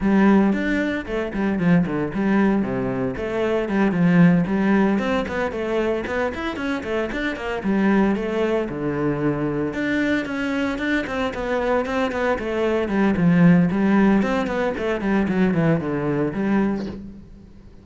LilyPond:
\new Staff \with { instrumentName = "cello" } { \time 4/4 \tempo 4 = 114 g4 d'4 a8 g8 f8 d8 | g4 c4 a4 g8 f8~ | f8 g4 c'8 b8 a4 b8 | e'8 cis'8 a8 d'8 ais8 g4 a8~ |
a8 d2 d'4 cis'8~ | cis'8 d'8 c'8 b4 c'8 b8 a8~ | a8 g8 f4 g4 c'8 b8 | a8 g8 fis8 e8 d4 g4 | }